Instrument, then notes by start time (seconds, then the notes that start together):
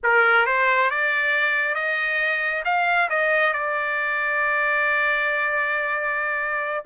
trumpet
0.03 A#4
0.46 C5
0.90 D5
1.74 D#5
2.64 F5
3.09 D#5
3.53 D5